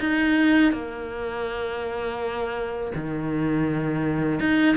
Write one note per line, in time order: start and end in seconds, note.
0.00 0.73 D#4
0.73 2.92 A#3
2.95 4.40 D#3
4.40 4.77 D#4